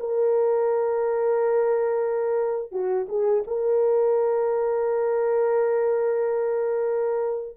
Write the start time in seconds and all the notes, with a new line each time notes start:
0.00 A#4
2.72 F#4
3.09 G#4
3.47 A#4